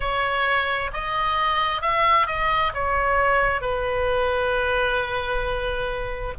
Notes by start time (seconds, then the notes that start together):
0.00 C#5
0.93 D#5
1.81 E5
2.26 D#5
2.74 C#5
3.61 B4